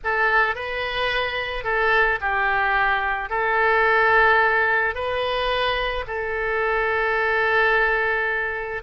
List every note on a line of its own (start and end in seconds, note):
0.04 0.55 A4
0.55 1.64 B4
1.64 2.19 A4
2.20 3.29 G4
3.29 4.94 A4
4.94 6.04 B4
6.07 8.82 A4